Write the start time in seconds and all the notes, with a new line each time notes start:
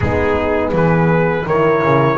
0.00 G#3 B3 D#4 G#4
0.72 E3 G#4 B4
1.46 D#3 E4 A#4 C#5
1.82 C#3